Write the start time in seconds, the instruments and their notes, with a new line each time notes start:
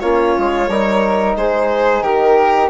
0.00 bassoon A#3, trombone C#4, flute F4, violin C#5
0.38 bassoon G#3
0.68 bassoon G3, trombone D#4, flute A#4
1.37 bassoon G#3, flute G#4, violin C5
2.01 bassoon D#3, flute G4, violin A#4